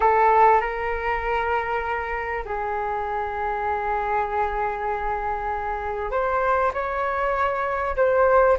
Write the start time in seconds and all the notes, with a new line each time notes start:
0.00 A4
0.60 A#4
2.45 G#4
6.11 C5
6.73 C#5
7.96 C5